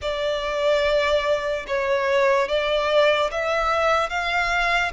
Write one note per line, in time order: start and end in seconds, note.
0.01 1.66 D5
1.67 2.48 C#5
2.48 3.30 D5
3.31 4.09 E5
4.09 4.91 F5